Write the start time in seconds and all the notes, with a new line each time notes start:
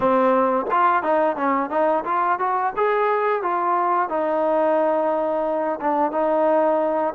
0.00 C4
0.71 F4
1.02 D#4
1.36 C#4
1.70 D#4
2.05 F4
2.39 F#4
2.76 G#4
3.42 F4
4.09 D#4
5.80 D4
6.11 D#4